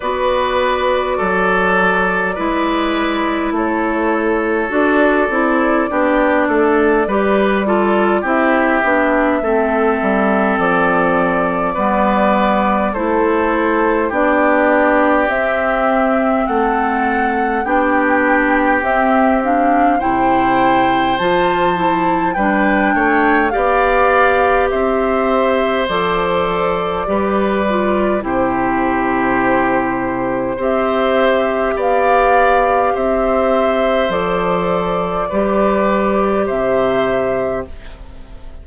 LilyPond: <<
  \new Staff \with { instrumentName = "flute" } { \time 4/4 \tempo 4 = 51 d''2. cis''4 | d''2. e''4~ | e''4 d''2 c''4 | d''4 e''4 fis''4 g''4 |
e''8 f''8 g''4 a''4 g''4 | f''4 e''4 d''2 | c''2 e''4 f''4 | e''4 d''2 e''4 | }
  \new Staff \with { instrumentName = "oboe" } { \time 4/4 b'4 a'4 b'4 a'4~ | a'4 g'8 a'8 b'8 a'8 g'4 | a'2 b'4 a'4 | g'2 a'4 g'4~ |
g'4 c''2 b'8 cis''8 | d''4 c''2 b'4 | g'2 c''4 d''4 | c''2 b'4 c''4 | }
  \new Staff \with { instrumentName = "clarinet" } { \time 4/4 fis'2 e'2 | fis'8 e'8 d'4 g'8 f'8 e'8 d'8 | c'2 b4 e'4 | d'4 c'2 d'4 |
c'8 d'8 e'4 f'8 e'8 d'4 | g'2 a'4 g'8 f'8 | e'2 g'2~ | g'4 a'4 g'2 | }
  \new Staff \with { instrumentName = "bassoon" } { \time 4/4 b4 fis4 gis4 a4 | d'8 c'8 b8 a8 g4 c'8 b8 | a8 g8 f4 g4 a4 | b4 c'4 a4 b4 |
c'4 c4 f4 g8 a8 | b4 c'4 f4 g4 | c2 c'4 b4 | c'4 f4 g4 c4 | }
>>